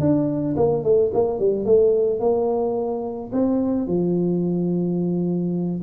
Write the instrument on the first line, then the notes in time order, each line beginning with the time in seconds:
tuba
0.00 D4
0.57 A#3
0.84 A3
1.14 A#3
1.39 G3
1.65 A3
2.20 A#3
3.33 C4
3.88 F3